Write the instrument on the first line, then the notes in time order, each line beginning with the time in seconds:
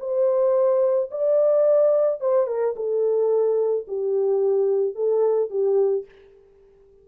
horn
0.00 C5
1.11 D5
2.20 C5
2.47 A#4
2.76 A4
3.88 G4
4.95 A4
5.50 G4